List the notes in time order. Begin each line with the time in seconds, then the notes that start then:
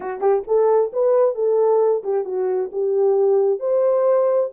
0.00 F#4
0.20 G4
0.47 A4
0.92 B4
1.35 A4
2.03 G4
2.24 F#4
2.71 G4
3.59 C5